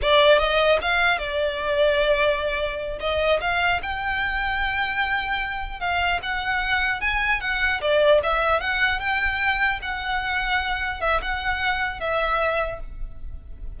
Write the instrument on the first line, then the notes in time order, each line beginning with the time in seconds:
violin
0.02 D5
0.38 D#5
0.81 F5
1.18 D5
2.99 D#5
3.41 F5
3.82 G5
5.80 F5
6.22 F#5
7.00 G#5
7.40 F#5
7.81 D5
8.23 E5
8.60 F#5
8.99 G5
9.81 F#5
11.01 E5
11.21 F#5
11.99 E5